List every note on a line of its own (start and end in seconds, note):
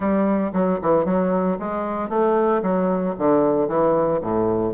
0.00 0.51 G3
0.52 0.79 F#3
0.82 1.05 E3
1.05 1.57 F#3
1.59 2.09 G#3
2.09 2.61 A3
2.62 3.14 F#3
3.18 3.67 D3
3.67 4.20 E3
4.21 4.73 A2